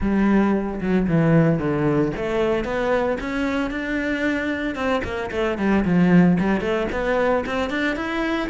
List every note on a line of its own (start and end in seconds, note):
0.00 0.80 G3
0.80 1.07 F#3
1.07 1.59 E3
1.59 2.12 D3
2.16 2.64 A3
2.64 3.17 B3
3.20 3.70 C#4
3.70 4.75 D4
4.75 5.01 C4
5.03 5.30 A#3
5.31 5.58 A3
5.58 5.84 G3
5.84 6.37 F3
6.39 6.60 G3
6.60 6.87 A3
6.91 7.45 B3
7.46 7.70 C4
7.70 7.95 D4
7.95 8.49 E4